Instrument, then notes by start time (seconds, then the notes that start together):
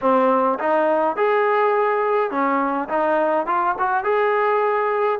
trombone
0.01 C4
0.59 D#4
1.16 G#4
2.31 C#4
2.88 D#4
3.46 F4
3.78 F#4
4.04 G#4